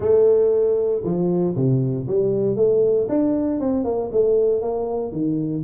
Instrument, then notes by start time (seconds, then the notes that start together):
tuba
0.00 A3
1.03 F3
1.55 C3
2.07 G3
2.56 A3
3.08 D4
3.59 C4
3.84 A#3
4.11 A3
4.61 A#3
5.11 D#3